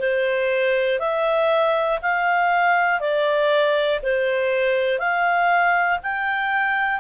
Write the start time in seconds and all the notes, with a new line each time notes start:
0.00 C5
1.00 E5
2.03 F5
3.01 D5
4.03 C5
5.00 F5
6.03 G5